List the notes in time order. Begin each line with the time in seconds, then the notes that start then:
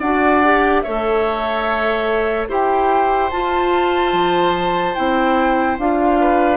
0.00 D4 F#4 D5 F#5
0.44 G4
0.82 A3 A4 C#5 E5
2.49 E4 G4 C5 G5
3.31 F4 A5
4.13 F3
4.95 C4 E4 G5
5.79 D4 F4 F5
6.20 B4